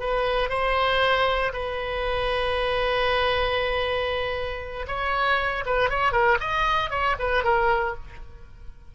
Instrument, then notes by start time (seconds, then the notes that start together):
oboe
0.00 B4
0.50 C5
1.53 B4
4.88 C#5
5.66 B4
5.90 C#5
6.13 A#4
6.41 D#5
6.91 C#5
7.20 B4
7.44 A#4